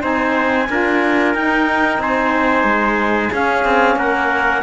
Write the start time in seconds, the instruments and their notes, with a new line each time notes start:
0.00 cello C4, saxophone D#4, trumpet C5, clarinet G#5
0.69 cello D4, saxophone F4, trumpet A#4
1.34 cello D#4, saxophone D#4, clarinet G5
1.98 cello C4, trumpet C5, clarinet G#5
2.63 cello G#3
3.31 saxophone C#4, cello C#4, trumpet G#4, clarinet F5
3.64 cello C4
3.96 cello A#3, trumpet A#4, clarinet F#5